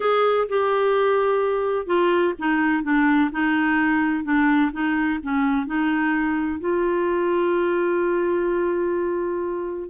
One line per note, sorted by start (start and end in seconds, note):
0.00 0.47 G#4
0.49 1.86 G4
1.86 2.33 F4
2.38 2.83 D#4
2.83 3.30 D4
3.31 4.23 D#4
4.23 4.71 D4
4.72 5.19 D#4
5.22 5.66 C#4
5.66 6.60 D#4
6.60 9.89 F4